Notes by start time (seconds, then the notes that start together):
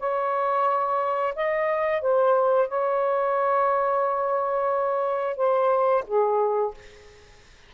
0.00 C#5
1.36 D#5
2.02 C5
2.69 C#5
5.37 C5
6.08 G#4